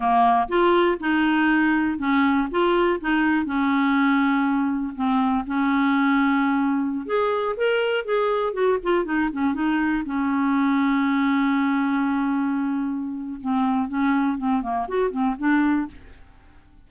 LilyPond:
\new Staff \with { instrumentName = "clarinet" } { \time 4/4 \tempo 4 = 121 ais4 f'4 dis'2 | cis'4 f'4 dis'4 cis'4~ | cis'2 c'4 cis'4~ | cis'2~ cis'16 gis'4 ais'8.~ |
ais'16 gis'4 fis'8 f'8 dis'8 cis'8 dis'8.~ | dis'16 cis'2.~ cis'8.~ | cis'2. c'4 | cis'4 c'8 ais8 fis'8 c'8 d'4 | }